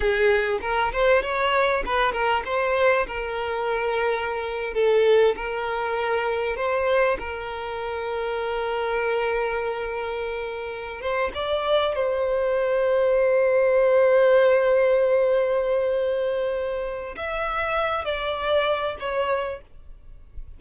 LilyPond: \new Staff \with { instrumentName = "violin" } { \time 4/4 \tempo 4 = 98 gis'4 ais'8 c''8 cis''4 b'8 ais'8 | c''4 ais'2~ ais'8. a'16~ | a'8. ais'2 c''4 ais'16~ | ais'1~ |
ais'2 c''8 d''4 c''8~ | c''1~ | c''1 | e''4. d''4. cis''4 | }